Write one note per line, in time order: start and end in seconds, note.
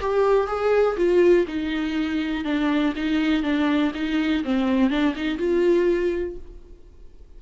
0.00 0.47 G4
0.47 0.96 G#4
0.96 1.46 F4
1.47 2.44 D#4
2.44 2.93 D4
2.96 3.42 D#4
3.42 3.91 D4
3.94 4.43 D#4
4.44 4.90 C4
4.90 5.14 D4
5.15 5.38 D#4
5.38 6.36 F4